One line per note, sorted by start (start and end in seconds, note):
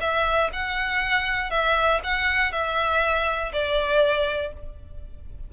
0.00 0.50 E5
0.53 1.50 F#5
1.50 2.00 E5
2.03 2.52 F#5
2.52 3.52 E5
3.52 4.52 D5